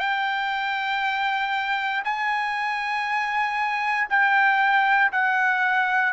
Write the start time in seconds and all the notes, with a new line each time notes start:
0.00 G5
2.05 G#5
4.10 G5
5.13 F#5